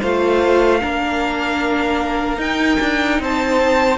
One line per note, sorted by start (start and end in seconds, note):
0.00 0.83 A3
0.00 0.80 F4
0.00 0.80 C5
0.00 2.40 F5
0.80 2.38 A#3
0.80 2.38 D4
0.80 3.21 A#4
2.38 3.98 D#4
2.38 2.78 D#4
2.38 3.20 G5
2.81 3.20 D4
3.20 3.98 C4
3.20 3.98 C5
3.20 3.98 A5